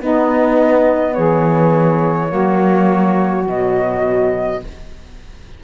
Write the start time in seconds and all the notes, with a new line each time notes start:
0.00 B3 D#4 D#5
1.14 E3 G#4 C#5
2.28 F#3 A#3 F#4
3.45 B2 F#3 D#5